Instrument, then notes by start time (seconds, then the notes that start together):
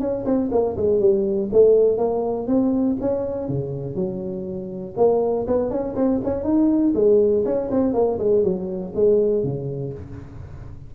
tuba
0.00 C#4
0.25 C4
0.52 A#3
0.77 G#3
1.00 G3
1.53 A3
1.98 A#3
2.47 C4
3.01 C#4
3.49 C#3
3.95 F#3
4.97 A#3
5.47 B3
5.70 C#4
5.96 C4
6.24 C#4
6.44 D#4
6.95 G#3
7.45 C#4
7.71 C4
7.94 A#3
8.19 G#3
8.44 F#3
8.95 G#3
9.44 C#3